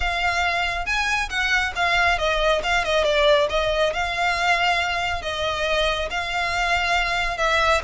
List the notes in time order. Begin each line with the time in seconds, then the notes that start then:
0.00 F5
0.85 G#5
1.29 F#5
1.75 F5
2.18 D#5
2.63 F5
2.84 D#5
3.04 D5
3.49 D#5
3.93 F5
5.22 D#5
6.10 F5
7.37 E5